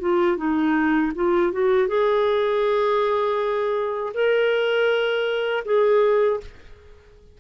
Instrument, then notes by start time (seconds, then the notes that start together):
clarinet
0.00 F4
0.37 D#4
1.15 F4
1.52 F#4
1.88 G#4
4.14 A#4
5.65 G#4